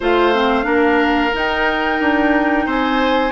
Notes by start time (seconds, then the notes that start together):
0.00 A3 F4 C5 F5
0.34 C4
0.63 A#3 D4 A#4
1.33 D#4 G5
2.00 D4
2.65 C4 C5 G#5